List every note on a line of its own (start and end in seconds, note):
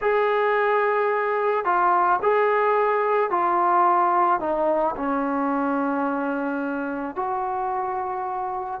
0.01 1.64 G#4
1.64 2.19 F4
2.22 3.30 G#4
3.30 4.40 F4
4.40 4.95 D#4
4.96 7.15 C#4
7.15 8.80 F#4